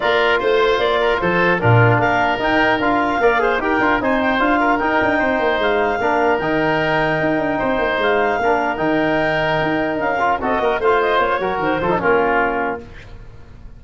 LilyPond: <<
  \new Staff \with { instrumentName = "clarinet" } { \time 4/4 \tempo 4 = 150 d''4 c''4 d''4 c''4 | ais'4 f''4 g''4 f''4~ | f''4 g''4 gis''8 g''8 f''4 | g''2 f''2 |
g''1 | f''2 g''2~ | g''4 f''4 dis''4 f''8 dis''8 | cis''4 c''4 ais'2 | }
  \new Staff \with { instrumentName = "oboe" } { \time 4/4 ais'4 c''4. ais'8 a'4 | f'4 ais'2. | d''8 c''8 ais'4 c''4. ais'8~ | ais'4 c''2 ais'4~ |
ais'2. c''4~ | c''4 ais'2.~ | ais'2 a'8 ais'8 c''4~ | c''8 ais'4 a'8 f'2 | }
  \new Staff \with { instrumentName = "trombone" } { \time 4/4 f'1 | d'2 dis'4 f'4 | ais'8 gis'8 g'8 f'8 dis'4 f'4 | dis'2. d'4 |
dis'1~ | dis'4 d'4 dis'2~ | dis'4. f'8 fis'4 f'4~ | f'8 fis'4 f'16 dis'16 cis'2 | }
  \new Staff \with { instrumentName = "tuba" } { \time 4/4 ais4 a4 ais4 f4 | ais,4 ais4 dis'4 d'4 | ais4 dis'8 d'8 c'4 d'4 | dis'8 d'8 c'8 ais8 gis4 ais4 |
dis2 dis'8 d'8 c'8 ais8 | gis4 ais4 dis2 | dis'4 cis'4 c'8 ais8 a4 | ais8 fis8 dis8 f8 ais2 | }
>>